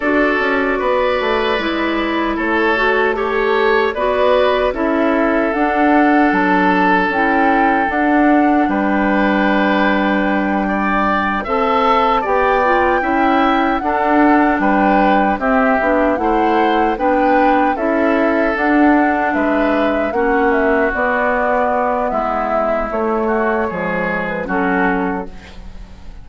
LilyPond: <<
  \new Staff \with { instrumentName = "flute" } { \time 4/4 \tempo 4 = 76 d''2. cis''4 | a'4 d''4 e''4 fis''4 | a''4 g''4 fis''4 g''4~ | g''2~ g''8 a''4 g''8~ |
g''4. fis''4 g''4 e''8~ | e''8 fis''4 g''4 e''4 fis''8~ | fis''8 e''4 fis''8 e''8 d''4. | e''4 cis''4.~ cis''16 b'16 a'4 | }
  \new Staff \with { instrumentName = "oboe" } { \time 4/4 a'4 b'2 a'4 | cis''4 b'4 a'2~ | a'2. b'4~ | b'4. d''4 e''4 d''8~ |
d''8 e''4 a'4 b'4 g'8~ | g'8 c''4 b'4 a'4.~ | a'8 b'4 fis'2~ fis'8 | e'4. fis'8 gis'4 fis'4 | }
  \new Staff \with { instrumentName = "clarinet" } { \time 4/4 fis'2 e'4. fis'8 | g'4 fis'4 e'4 d'4~ | d'4 e'4 d'2~ | d'2~ d'8 a'4 g'8 |
f'8 e'4 d'2 c'8 | d'8 e'4 d'4 e'4 d'8~ | d'4. cis'4 b4.~ | b4 a4 gis4 cis'4 | }
  \new Staff \with { instrumentName = "bassoon" } { \time 4/4 d'8 cis'8 b8 a8 gis4 a4~ | a4 b4 cis'4 d'4 | fis4 cis'4 d'4 g4~ | g2~ g8 c'4 b8~ |
b8 cis'4 d'4 g4 c'8 | b8 a4 b4 cis'4 d'8~ | d'8 gis4 ais4 b4. | gis4 a4 f4 fis4 | }
>>